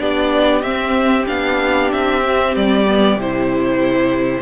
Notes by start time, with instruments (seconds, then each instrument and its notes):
0.00 cello B3, viola D4, violin G4 D5
0.62 cello C4, viola C4, violin E5
1.27 cello B3, viola D4, violin F5
1.92 cello C4, violin E5
2.23 viola C4
2.56 cello G3, violin D5
2.87 viola B3
3.16 cello C3, viola E4, violin C5